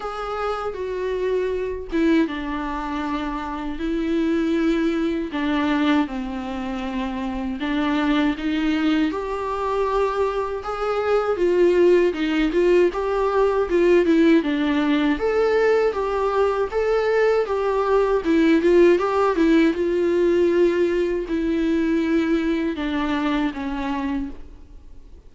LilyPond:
\new Staff \with { instrumentName = "viola" } { \time 4/4 \tempo 4 = 79 gis'4 fis'4. e'8 d'4~ | d'4 e'2 d'4 | c'2 d'4 dis'4 | g'2 gis'4 f'4 |
dis'8 f'8 g'4 f'8 e'8 d'4 | a'4 g'4 a'4 g'4 | e'8 f'8 g'8 e'8 f'2 | e'2 d'4 cis'4 | }